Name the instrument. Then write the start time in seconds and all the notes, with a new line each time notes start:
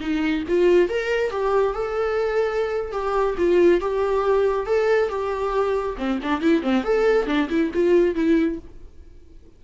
viola
0.00 D#4
0.48 F4
0.89 A#4
1.30 G4
1.73 A4
2.91 G4
3.37 F4
3.80 G4
4.66 A4
5.09 G4
5.97 C4
6.22 D4
6.41 E4
6.62 C4
6.83 A4
7.26 D4
7.49 E4
7.74 F4
8.15 E4